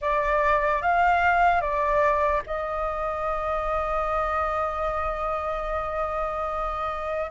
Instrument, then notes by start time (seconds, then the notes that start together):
flute
0.01 D5
0.81 F5
1.61 D5
2.46 D#5